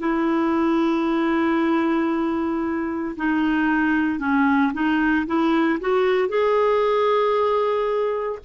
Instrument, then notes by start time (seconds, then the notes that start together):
clarinet
0.00 E4
3.17 D#4
4.20 C#4
4.74 D#4
5.27 E4
5.80 F#4
6.29 G#4